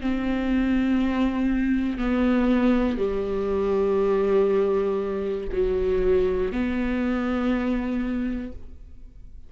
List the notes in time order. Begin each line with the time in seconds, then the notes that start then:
0.00 C4
1.98 B3
2.98 G3
5.52 F#3
6.52 B3